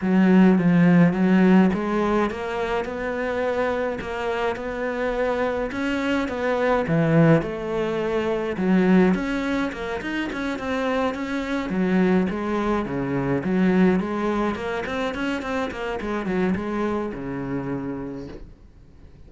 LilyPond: \new Staff \with { instrumentName = "cello" } { \time 4/4 \tempo 4 = 105 fis4 f4 fis4 gis4 | ais4 b2 ais4 | b2 cis'4 b4 | e4 a2 fis4 |
cis'4 ais8 dis'8 cis'8 c'4 cis'8~ | cis'8 fis4 gis4 cis4 fis8~ | fis8 gis4 ais8 c'8 cis'8 c'8 ais8 | gis8 fis8 gis4 cis2 | }